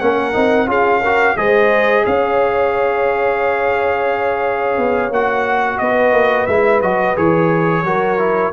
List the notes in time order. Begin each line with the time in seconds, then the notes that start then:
0.00 A#3 C#4 A#4 F#5
0.33 C4 D#4
0.67 C#4 F4 G#4 F5
1.01 F#4 A#4
1.37 G#3 G#4 C5 D#5
2.06 C#4 C#5 F5
4.78 B3
5.11 A#3 F#4 F#5
5.79 B3 B4 D#5
6.13 A#3
6.47 G#3 E4 E5
6.82 F#3 F#4 D#5
7.16 E3 G#4 C#5
7.83 F#3 F#4 A#4
8.18 E4